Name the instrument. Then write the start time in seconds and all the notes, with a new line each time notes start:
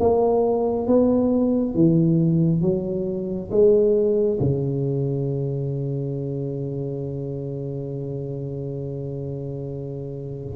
tuba
0.00 A#3
0.88 B3
1.75 E3
2.62 F#3
3.51 G#3
4.40 C#3